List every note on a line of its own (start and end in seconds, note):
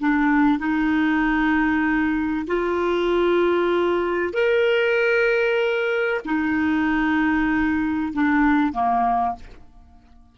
0.00 0.59 D4
0.59 2.47 D#4
2.48 4.34 F4
4.34 6.21 A#4
6.26 8.13 D#4
8.14 8.73 D4
8.73 9.36 A#3